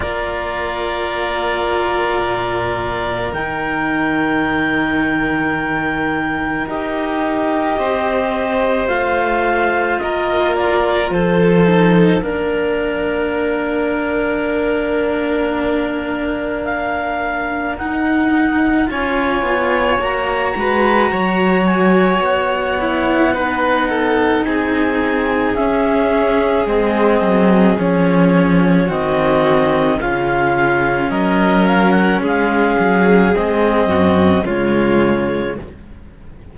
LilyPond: <<
  \new Staff \with { instrumentName = "clarinet" } { \time 4/4 \tempo 4 = 54 d''2. g''4~ | g''2 dis''2 | f''4 dis''8 d''8 c''4 ais'4~ | ais'2. f''4 |
fis''4 gis''4 ais''4. gis''8 | fis''2 gis''4 e''4 | dis''4 cis''4 dis''4 f''4 | dis''8 f''16 fis''16 f''4 dis''4 cis''4 | }
  \new Staff \with { instrumentName = "violin" } { \time 4/4 ais'1~ | ais'2. c''4~ | c''4 ais'4 a'4 ais'4~ | ais'1~ |
ais'4 cis''4. b'8 cis''4~ | cis''4 b'8 a'8 gis'2~ | gis'2 fis'4 f'4 | ais'4 gis'4. fis'8 f'4 | }
  \new Staff \with { instrumentName = "cello" } { \time 4/4 f'2. dis'4~ | dis'2 g'2 | f'2~ f'8 dis'8 d'4~ | d'1 |
dis'4 f'4 fis'2~ | fis'8 e'8 dis'2 cis'4 | c'4 cis'4 c'4 cis'4~ | cis'2 c'4 gis4 | }
  \new Staff \with { instrumentName = "cello" } { \time 4/4 ais2 ais,4 dis4~ | dis2 dis'4 c'4 | a4 ais4 f4 ais4~ | ais1 |
dis'4 cis'8 b8 ais8 gis8 fis4 | b2 c'4 cis'4 | gis8 fis8 f4 dis4 cis4 | fis4 gis8 fis8 gis8 fis,8 cis4 | }
>>